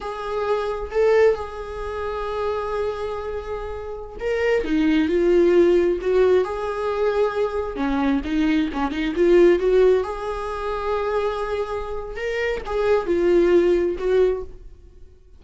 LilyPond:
\new Staff \with { instrumentName = "viola" } { \time 4/4 \tempo 4 = 133 gis'2 a'4 gis'4~ | gis'1~ | gis'4~ gis'16 ais'4 dis'4 f'8.~ | f'4~ f'16 fis'4 gis'4.~ gis'16~ |
gis'4~ gis'16 cis'4 dis'4 cis'8 dis'16~ | dis'16 f'4 fis'4 gis'4.~ gis'16~ | gis'2. ais'4 | gis'4 f'2 fis'4 | }